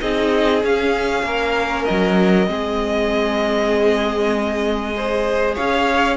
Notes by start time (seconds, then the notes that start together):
0.00 C4 D#4 G#4 D#5
0.63 C#4 F5
1.23 A#3 A#4
1.84 F#3 D#5
2.47 G#3 C4 G#4
4.96 G#4 C5
5.54 C#4 C#5 F5